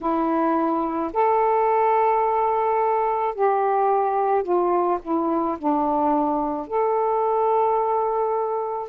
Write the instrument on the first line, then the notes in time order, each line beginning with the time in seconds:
saxophone
0.00 E4
1.13 A4
3.34 G4
4.43 F4
5.02 E4
5.58 D4
6.67 A4